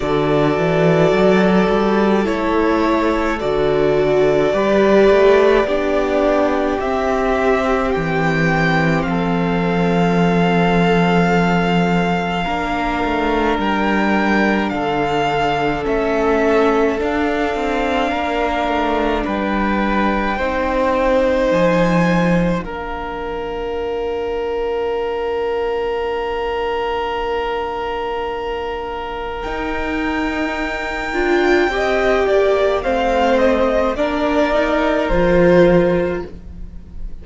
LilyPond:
<<
  \new Staff \with { instrumentName = "violin" } { \time 4/4 \tempo 4 = 53 d''2 cis''4 d''4~ | d''2 e''4 g''4 | f''1 | g''4 f''4 e''4 f''4~ |
f''4 g''2 gis''4 | f''1~ | f''2 g''2~ | g''4 f''8 dis''8 d''4 c''4 | }
  \new Staff \with { instrumentName = "violin" } { \time 4/4 a'1 | b'4 g'2. | a'2. ais'4~ | ais'4 a'2. |
ais'4 b'4 c''2 | ais'1~ | ais'1 | dis''8 d''8 c''4 ais'2 | }
  \new Staff \with { instrumentName = "viola" } { \time 4/4 fis'2 e'4 fis'4 | g'4 d'4 c'2~ | c'2. d'4~ | d'2 cis'4 d'4~ |
d'2 dis'2 | d'1~ | d'2 dis'4. f'8 | g'4 c'4 d'8 dis'8 f'4 | }
  \new Staff \with { instrumentName = "cello" } { \time 4/4 d8 e8 fis8 g8 a4 d4 | g8 a8 b4 c'4 e4 | f2. ais8 a8 | g4 d4 a4 d'8 c'8 |
ais8 a8 g4 c'4 f4 | ais1~ | ais2 dis'4. d'8 | c'8 ais8 a4 ais4 f4 | }
>>